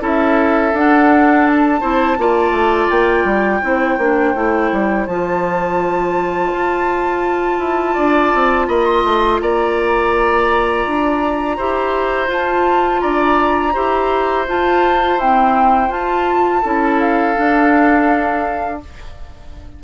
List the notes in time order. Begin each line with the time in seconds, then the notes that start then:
0.00 C#4 E4 A4 E5
0.73 D4 F#5
1.47 A5
1.81 C4 E4 C5
2.18 A#3 F4 D5
2.51 A3
2.90 A#3 G5
3.24 G3
3.61 C4 E4 C5
3.98 A#3 D4
4.35 A3 E4
4.72 G3
5.06 F3 F4 A5
6.53 F4
7.59 E4
7.94 D4 D5
8.34 C4
8.68 A#3 D#5 B5
8.86 C6
9.04 A3
9.41 A#3 D5 A#5
10.86 D4
11.57 E4 G4 C5
12.27 F4 A5
13.01 D4 D5 A#5
13.74 E4 G4 C5
14.47 F4 A5
15.18 C4 E4 G5
15.89 F4 A5
16.62 C#4 E4 A4
16.99 F5
17.36 D4